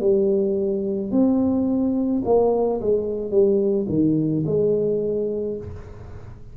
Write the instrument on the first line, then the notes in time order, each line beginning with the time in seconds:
tuba
0.00 G3
1.11 C4
2.24 A#3
2.80 G#3
3.30 G3
3.88 D#3
4.45 G#3